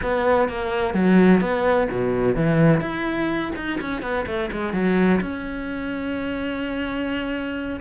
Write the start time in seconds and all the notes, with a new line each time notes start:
0.02 B3
0.48 A#3
0.93 F#3
1.40 B3
1.90 B2
2.35 E3
2.80 E4
3.56 D#4
3.80 C#4
4.02 B3
4.26 A3
4.51 G#3
4.73 F#3
5.20 C#4